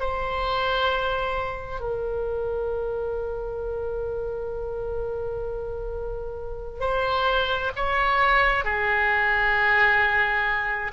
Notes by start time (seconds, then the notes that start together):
0.00 C5
1.81 A#4
6.80 C5
7.76 C#5
8.64 G#4